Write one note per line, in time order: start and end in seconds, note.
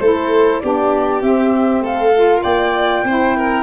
0.00 0.61 A3
0.00 0.63 E4
0.00 0.63 A4
0.00 0.60 C5
0.60 1.22 B3
0.60 1.22 D4
0.60 1.84 G4
0.60 1.22 D5
1.22 2.13 C4
1.22 1.82 C4
1.22 1.83 E5
1.82 2.43 A3
1.82 2.43 A4
1.82 2.43 F5
2.14 3.06 F4
2.43 3.04 A#3
2.43 3.04 D5
2.43 3.64 G5
3.04 3.64 C4
3.04 3.64 E4
3.04 3.37 C5
3.37 3.64 A#4